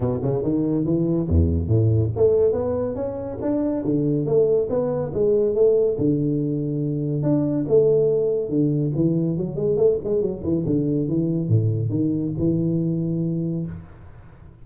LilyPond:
\new Staff \with { instrumentName = "tuba" } { \time 4/4 \tempo 4 = 141 b,8 cis8 dis4 e4 e,4 | a,4 a4 b4 cis'4 | d'4 d4 a4 b4 | gis4 a4 d2~ |
d4 d'4 a2 | d4 e4 fis8 gis8 a8 gis8 | fis8 e8 d4 e4 a,4 | dis4 e2. | }